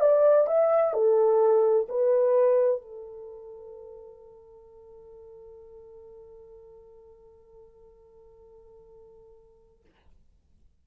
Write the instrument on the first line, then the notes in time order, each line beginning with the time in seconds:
horn
0.00 D5
0.47 E5
0.93 A4
1.88 B4
2.81 A4